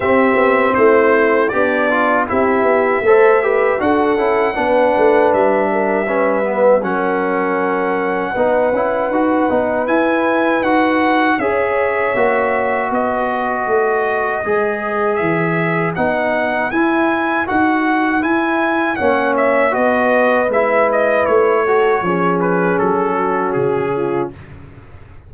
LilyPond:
<<
  \new Staff \with { instrumentName = "trumpet" } { \time 4/4 \tempo 4 = 79 e''4 c''4 d''4 e''4~ | e''4 fis''2 e''4~ | e''4 fis''2.~ | fis''4 gis''4 fis''4 e''4~ |
e''4 dis''2. | e''4 fis''4 gis''4 fis''4 | gis''4 fis''8 e''8 dis''4 e''8 dis''8 | cis''4. b'8 a'4 gis'4 | }
  \new Staff \with { instrumentName = "horn" } { \time 4/4 g'4 e'4 d'4 g'4 | c''8 b'8 a'4 b'4. ais'8 | b'4 ais'2 b'4~ | b'2. cis''4~ |
cis''4 b'2.~ | b'1~ | b'4 cis''4 b'2~ | b'8 a'8 gis'4. fis'4 f'8 | }
  \new Staff \with { instrumentName = "trombone" } { \time 4/4 c'2 g'8 f'8 e'4 | a'8 g'8 fis'8 e'8 d'2 | cis'8 b8 cis'2 dis'8 e'8 | fis'8 dis'8 e'4 fis'4 gis'4 |
fis'2. gis'4~ | gis'4 dis'4 e'4 fis'4 | e'4 cis'4 fis'4 e'4~ | e'8 fis'8 cis'2. | }
  \new Staff \with { instrumentName = "tuba" } { \time 4/4 c'8 b8 a4 b4 c'8 b8 | a4 d'8 cis'8 b8 a8 g4~ | g4 fis2 b8 cis'8 | dis'8 b8 e'4 dis'4 cis'4 |
ais4 b4 a4 gis4 | e4 b4 e'4 dis'4 | e'4 ais4 b4 gis4 | a4 f4 fis4 cis4 | }
>>